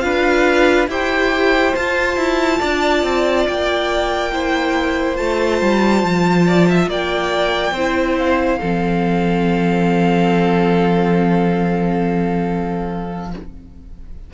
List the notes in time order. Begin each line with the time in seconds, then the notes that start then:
0.00 D4 F4 B4 F5
0.88 E4 G4 C5 G5
1.75 F4 A5
2.17 E4
2.59 D4 D5
3.03 C4
3.48 A#3 G5
4.33 E4 C5
5.16 A3 F4 A5
5.61 G3
6.03 F3
6.47 D5
6.69 E5
6.87 A#3 D5 G5
7.71 C4 E4 C5
8.18 F5
8.60 F3 C4 A4